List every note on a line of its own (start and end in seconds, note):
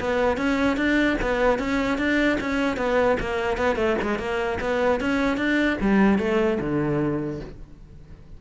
0.00 0.37 B3
0.37 0.77 C#4
0.77 1.17 D4
1.22 1.59 B3
1.59 1.98 C#4
1.98 2.38 D4
2.41 2.77 C#4
2.77 3.17 B3
3.20 3.57 A#3
3.57 3.76 B3
3.76 3.96 A3
4.02 4.19 G#3
4.19 4.59 A#3
4.61 5.01 B3
5.01 5.37 C#4
5.37 5.77 D4
5.81 6.19 G3
6.19 6.59 A3
6.60 7.40 D3